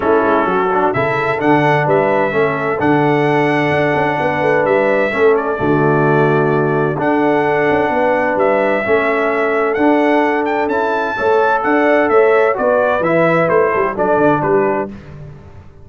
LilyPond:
<<
  \new Staff \with { instrumentName = "trumpet" } { \time 4/4 \tempo 4 = 129 a'2 e''4 fis''4 | e''2 fis''2~ | fis''2 e''4. d''8~ | d''2. fis''4~ |
fis''2 e''2~ | e''4 fis''4. g''8 a''4~ | a''4 fis''4 e''4 d''4 | e''4 c''4 d''4 b'4 | }
  \new Staff \with { instrumentName = "horn" } { \time 4/4 e'4 fis'4 a'2 | b'4 a'2.~ | a'4 b'2 a'4 | fis'2. a'4~ |
a'4 b'2 a'4~ | a'1 | cis''4 d''4 cis''4 b'4~ | b'4. a'16 g'16 a'4 g'4 | }
  \new Staff \with { instrumentName = "trombone" } { \time 4/4 cis'4. d'8 e'4 d'4~ | d'4 cis'4 d'2~ | d'2. cis'4 | a2. d'4~ |
d'2. cis'4~ | cis'4 d'2 e'4 | a'2. fis'4 | e'2 d'2 | }
  \new Staff \with { instrumentName = "tuba" } { \time 4/4 a8 gis8 fis4 cis4 d4 | g4 a4 d2 | d'8 cis'8 b8 a8 g4 a4 | d2. d'4~ |
d'8 cis'8 b4 g4 a4~ | a4 d'2 cis'4 | a4 d'4 a4 b4 | e4 a8 g8 fis8 d8 g4 | }
>>